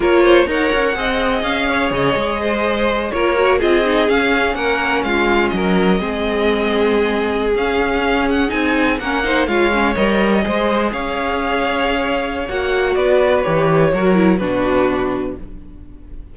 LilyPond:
<<
  \new Staff \with { instrumentName = "violin" } { \time 4/4 \tempo 4 = 125 cis''4 fis''2 f''4 | dis''2~ dis''8 cis''4 dis''8~ | dis''8 f''4 fis''4 f''4 dis''8~ | dis''2.~ dis''8. f''16~ |
f''4~ f''16 fis''8 gis''4 fis''4 f''16~ | f''8. dis''2 f''4~ f''16~ | f''2 fis''4 d''4 | cis''2 b'2 | }
  \new Staff \with { instrumentName = "violin" } { \time 4/4 ais'8 c''8 cis''4 dis''4. cis''8~ | cis''4 c''4. ais'4 gis'8~ | gis'4. ais'4 f'4 ais'8~ | ais'8 gis'2.~ gis'8~ |
gis'2~ gis'8. ais'8 c''8 cis''16~ | cis''4.~ cis''16 c''4 cis''4~ cis''16~ | cis''2. b'4~ | b'4 ais'4 fis'2 | }
  \new Staff \with { instrumentName = "viola" } { \time 4/4 f'4 ais'4 gis'2~ | gis'2~ gis'8 f'8 fis'8 f'8 | dis'8 cis'2.~ cis'8~ | cis'8 c'2.~ c'16 cis'16~ |
cis'4.~ cis'16 dis'4 cis'8 dis'8 f'16~ | f'16 cis'8 ais'4 gis'2~ gis'16~ | gis'2 fis'2 | g'4 fis'8 e'8 d'2 | }
  \new Staff \with { instrumentName = "cello" } { \time 4/4 ais4 dis'8 cis'8 c'4 cis'4 | cis8 gis2 ais4 c'8~ | c'8 cis'4 ais4 gis4 fis8~ | fis8 gis2.~ gis16 cis'16~ |
cis'4.~ cis'16 c'4 ais4 gis16~ | gis8. g4 gis4 cis'4~ cis'16~ | cis'2 ais4 b4 | e4 fis4 b,2 | }
>>